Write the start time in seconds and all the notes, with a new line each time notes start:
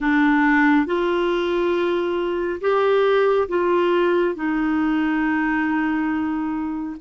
0.00 D4
0.85 F4
2.60 G4
3.48 F4
4.35 D#4